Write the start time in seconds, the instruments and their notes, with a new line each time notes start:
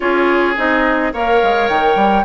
0.00 bassoon C#4, clarinet F4, oboe G#4, flute C#5
0.56 bassoon C4, clarinet D#4, flute D#5
1.13 bassoon A#3, clarinet A#4, oboe C#5, flute F5
1.42 bassoon G#3
1.68 bassoon D#3, flute G5
1.95 bassoon G3